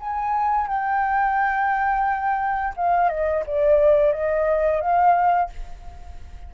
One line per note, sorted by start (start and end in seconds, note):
0.00 0.67 G#5
0.67 2.74 G5
2.77 3.09 F5
3.09 3.44 D#5
3.46 4.13 D5
4.13 4.81 D#5
4.81 5.50 F5